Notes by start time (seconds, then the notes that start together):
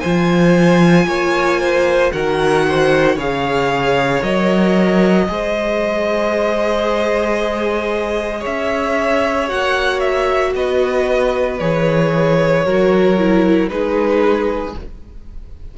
0.00 F3 F4 C5 G#5
1.06 A#3 C#5
1.60 C5
2.12 D#3 F#4 A#4 F#5
2.68 C5
3.16 C#3 G#4 C#5 F5
4.22 F#3 A#4 D#5
5.29 G#3 G#4 C5
8.40 C#4 C#5 E5
9.48 A#3 F#4 F#5
10.01 E5
10.55 B3 B4 D#5
11.59 E3 G#4 C#5
12.65 F#3 F#4 A#4
13.19 E4
13.69 G#3 D#4 G#4 B4